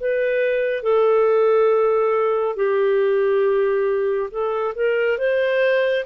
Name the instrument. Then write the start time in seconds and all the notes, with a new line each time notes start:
clarinet
0.00 B4
0.83 A4
2.56 G4
4.31 A4
4.75 A#4
5.18 C5